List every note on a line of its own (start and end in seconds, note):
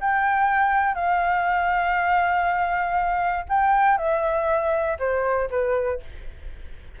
0.00 0.94 G5
0.94 3.44 F5
3.48 3.97 G5
3.97 4.97 E5
4.99 5.49 C5
5.50 6.00 B4